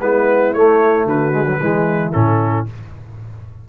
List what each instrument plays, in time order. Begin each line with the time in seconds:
0.00 tuba G#3, trombone B3, horn E4, trumpet B4
0.53 tuba A3, trombone A3, trumpet C#5
1.05 tuba D3, horn F#4, trumpet B4
1.32 trombone G#3
1.46 trombone F#3
1.60 tuba E3, trombone G#3, horn E4
2.12 tuba A2, trombone C#4, trumpet A4